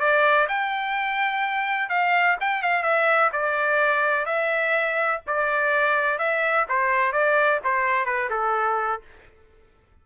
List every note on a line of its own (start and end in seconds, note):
0.00 0.48 D5
0.49 1.90 G5
1.90 2.37 F5
2.41 2.63 G5
2.63 2.83 F5
2.83 3.31 E5
3.33 4.26 D5
4.26 5.21 E5
5.27 6.19 D5
6.19 6.66 E5
6.69 7.13 C5
7.13 7.60 D5
7.65 8.06 C5
8.06 8.30 B4
8.31 9.02 A4